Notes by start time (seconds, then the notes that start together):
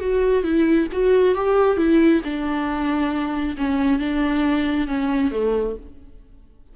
0.00 F#4
0.43 E4
0.92 F#4
1.35 G4
1.77 E4
2.24 D4
3.57 C#4
3.99 D4
4.87 C#4
5.31 A3